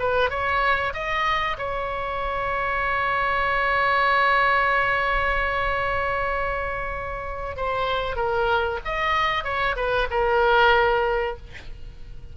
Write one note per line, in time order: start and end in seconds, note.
0.00 0.31 B4
0.31 0.94 C#5
0.94 1.57 D#5
1.58 7.57 C#5
7.57 8.16 C5
8.16 8.80 A#4
8.85 9.45 D#5
9.45 9.76 C#5
9.76 10.08 B4
10.11 11.37 A#4